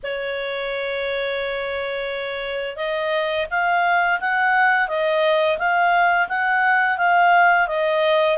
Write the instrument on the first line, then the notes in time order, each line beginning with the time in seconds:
clarinet
0.03 C#5
2.76 D#5
3.50 F5
4.20 F#5
4.88 D#5
5.58 F5
6.28 F#5
6.97 F5
7.67 D#5